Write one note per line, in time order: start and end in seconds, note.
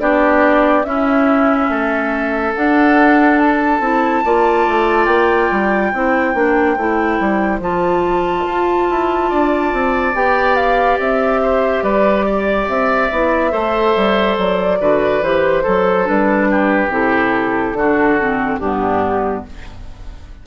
0.00 0.84 B3
0.00 0.85 D4
0.00 0.86 G4
0.00 0.84 D5
0.84 1.69 C#4
0.84 2.54 C#4
0.84 1.71 E4
0.84 2.53 E5
1.69 2.54 A3
1.69 4.25 A4
2.54 3.82 D4
2.54 3.80 D4
2.54 3.39 F#5
3.39 5.06 A5
3.80 4.23 C4
3.80 4.24 E4
4.25 4.67 A#3
4.25 5.94 F4
4.25 5.93 D5
4.68 5.07 A3
5.06 5.49 A#3
5.06 7.59 G5
5.51 5.93 G3
5.93 6.35 C4
5.93 6.35 E4
5.93 9.30 C5
6.35 6.77 A#3
6.35 6.77 D4
6.77 7.19 A3
6.77 7.61 E4
7.20 7.60 G3
7.60 8.45 F3
7.60 10.14 F4
7.60 10.15 A5
8.46 8.88 F4
8.90 9.32 E4
9.30 9.73 D4
9.30 11.41 D5
9.73 10.14 C4
10.14 10.99 B3
10.14 13.11 G4
10.14 10.56 G5
10.56 10.98 F5
10.99 11.83 C4
10.99 11.83 E5
11.43 11.84 C5
11.83 12.67 G3
11.83 12.26 B4
11.83 12.68 D5
12.26 13.52 D5
12.68 13.11 C4
12.68 14.37 E5
13.11 13.53 B3
13.11 13.51 E4
13.51 13.96 A3
13.51 14.78 A4
13.51 14.79 C5
13.96 14.38 G3
14.38 14.80 F#3
14.38 15.23 D5
14.80 15.22 D3
14.80 15.22 F#4
14.80 15.64 B4
15.22 15.64 E3
15.22 15.64 G4
15.22 16.07 C5
15.64 16.09 F#3
15.64 16.48 A4
15.64 16.05 A4
16.05 16.89 G3
16.05 16.89 D4
16.05 16.92 B4
16.51 17.78 G4
16.89 17.73 C3
16.89 17.75 E4
16.89 18.58 A4
17.73 18.57 D3
17.73 18.19 D4
17.73 18.60 F#4
18.19 18.62 C4
18.58 19.45 G2
18.58 19.46 B3
18.58 19.44 D4
18.58 19.43 G4